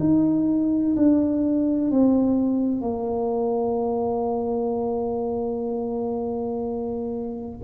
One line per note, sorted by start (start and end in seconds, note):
0.00 0.95 D#4
0.96 1.91 D4
1.91 2.81 C4
2.81 7.58 A#3